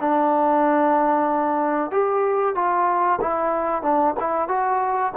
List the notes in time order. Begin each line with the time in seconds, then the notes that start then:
0.00 D4
1.91 G4
2.55 F4
3.21 E4
3.82 D4
4.20 E4
4.48 F#4